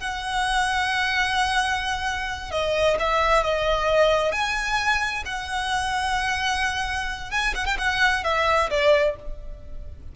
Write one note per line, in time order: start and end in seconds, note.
0.00 2.51 F#5
2.51 2.97 D#5
3.00 3.44 E5
3.44 4.32 D#5
4.32 5.24 G#5
5.25 7.31 F#5
7.31 7.54 G#5
7.55 7.66 F#5
7.66 7.77 G5
7.78 8.24 F#5
8.24 8.70 E5
8.70 9.16 D5